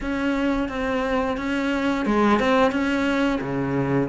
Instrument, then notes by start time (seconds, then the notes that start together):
cello
0.00 C#4
0.68 C4
1.37 C#4
2.05 G#3
2.39 C4
2.71 C#4
3.41 C#3